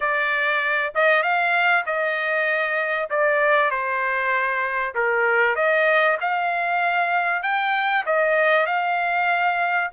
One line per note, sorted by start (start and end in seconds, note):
0.00 0.93 D5
0.94 1.22 D#5
1.22 1.84 F5
1.86 3.09 D#5
3.10 3.70 D5
3.70 4.94 C5
4.95 5.55 A#4
5.55 6.17 D#5
6.20 7.42 F5
7.42 8.04 G5
8.06 8.66 D#5
8.66 9.90 F5